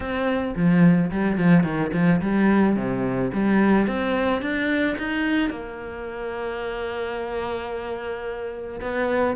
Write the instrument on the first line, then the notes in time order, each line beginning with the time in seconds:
cello
0.00 C4
0.56 F3
1.11 G3
1.37 F3
1.63 D#3
1.93 F3
2.21 G3
2.75 C3
3.33 G3
3.87 C4
4.41 D4
4.98 D#4
5.50 A#3
8.80 B3